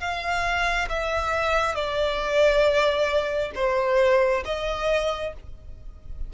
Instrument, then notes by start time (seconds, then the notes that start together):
violin
0.00 F5
0.89 E5
1.75 D5
3.55 C5
4.45 D#5